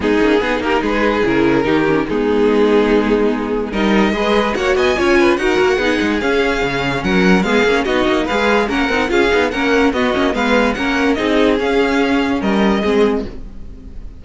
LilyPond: <<
  \new Staff \with { instrumentName = "violin" } { \time 4/4 \tempo 4 = 145 gis'4. ais'8 b'4 ais'4~ | ais'4 gis'2.~ | gis'4 dis''2 fis''8 gis''8~ | gis''4 fis''2 f''4~ |
f''4 fis''4 f''4 dis''4 | f''4 fis''4 f''4 fis''4 | dis''4 f''4 fis''4 dis''4 | f''2 dis''2 | }
  \new Staff \with { instrumentName = "violin" } { \time 4/4 dis'4 gis'8 g'8 gis'2 | g'4 dis'2.~ | dis'4 ais'4 b'4 cis''8 dis''8 | cis''8 b'8 ais'4 gis'2~ |
gis'4 ais'4 gis'4 fis'4 | b'4 ais'4 gis'4 ais'4 | fis'4 b'4 ais'4 gis'4~ | gis'2 ais'4 gis'4 | }
  \new Staff \with { instrumentName = "viola" } { \time 4/4 b8 cis'8 dis'2 e'4 | dis'8 cis'8 b2.~ | b4 dis'4 gis'4 fis'4 | f'4 fis'4 dis'4 cis'4~ |
cis'2 b8 cis'8 dis'4 | gis'4 cis'8 dis'8 f'8 dis'8 cis'4 | b8 cis'8 b4 cis'4 dis'4 | cis'2. c'4 | }
  \new Staff \with { instrumentName = "cello" } { \time 4/4 gis8 ais8 b8 ais8 gis4 cis4 | dis4 gis2.~ | gis4 g4 gis4 ais8 b8 | cis'4 dis'8 ais8 b8 gis8 cis'4 |
cis4 fis4 gis8 ais8 b8 ais8 | gis4 ais8 c'8 cis'8 b8 ais4 | b8 ais8 gis4 ais4 c'4 | cis'2 g4 gis4 | }
>>